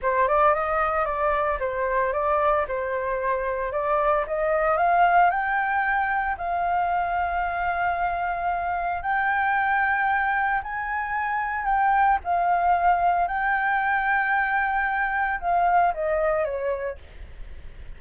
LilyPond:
\new Staff \with { instrumentName = "flute" } { \time 4/4 \tempo 4 = 113 c''8 d''8 dis''4 d''4 c''4 | d''4 c''2 d''4 | dis''4 f''4 g''2 | f''1~ |
f''4 g''2. | gis''2 g''4 f''4~ | f''4 g''2.~ | g''4 f''4 dis''4 cis''4 | }